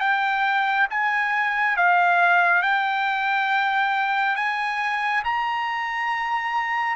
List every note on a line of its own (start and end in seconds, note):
0.00 0.87 G5
0.90 1.76 G#5
1.76 2.62 F5
2.62 4.36 G5
4.36 5.23 G#5
5.24 6.96 A#5